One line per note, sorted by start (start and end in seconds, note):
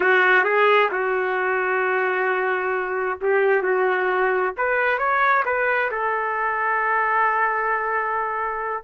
0.00 0.44 F#4
0.44 0.89 G#4
0.91 3.18 F#4
3.21 3.62 G4
3.62 4.53 F#4
4.57 4.98 B4
4.98 5.43 C#5
5.45 5.90 B4
5.91 8.83 A4